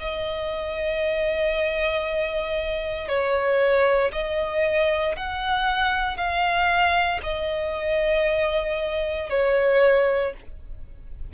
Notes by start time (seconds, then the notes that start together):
0.00 D#5
3.08 C#5
4.13 D#5
5.17 F#5
6.17 F5
7.23 D#5
9.30 C#5